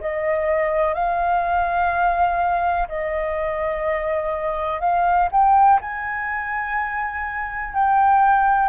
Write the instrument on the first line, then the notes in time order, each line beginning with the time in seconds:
flute
0.00 D#5
0.94 F5
2.88 D#5
4.80 F5
5.31 G5
5.81 G#5
7.74 G5